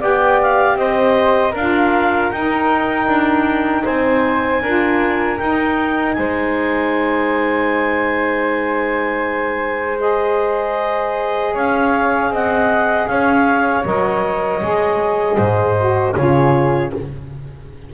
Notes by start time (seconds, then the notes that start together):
0.00 B3 G4 D5 G5
0.42 F5
0.76 C4 C5 D#5
1.52 D4 A#4 F5
1.58 F4
2.31 D#4 G5
3.07 D4
3.85 C4 C5 G#5
4.62 D4 F4 A#4
5.38 D#4 G5
6.13 G#3 C5 G#5
9.98 G#4 D#5
11.54 C#4 C#5 F5
12.31 C4 D#5 F#5
13.08 C#4 C#5 F5
13.85 F#3 A#4 D#5
14.62 G#3 G#4
15.37 G#2 C5
15.78 F#4
16.15 C#3 F4 G#4 C#5